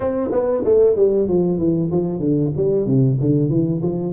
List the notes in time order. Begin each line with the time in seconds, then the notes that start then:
0.00 C4
0.31 B3
0.64 A3
0.96 G3
1.28 F3
1.58 E3
1.91 F3
2.19 D3
2.56 G3
2.86 C3
3.20 D3
3.49 E3
3.82 F3